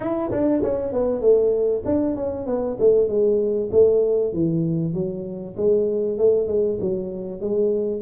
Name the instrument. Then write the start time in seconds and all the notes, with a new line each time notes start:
tuba
0.00 E4
0.31 D4
0.62 C#4
0.92 B3
1.20 A3
1.85 D4
2.15 C#4
2.46 B3
2.79 A3
3.08 G#3
3.71 A3
4.33 E3
4.93 F#3
5.56 G#3
6.18 A3
6.47 G#3
6.80 F#3
7.40 G#3